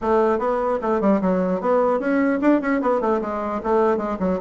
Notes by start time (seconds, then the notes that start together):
0.01 A3
0.38 B3
0.81 A3
1.01 G3
1.21 F#3
1.60 B3
1.99 C#4
2.41 D4
2.61 C#4
2.81 B3
3.00 A3
3.21 G#3
3.63 A3
3.97 G#3
4.19 F#3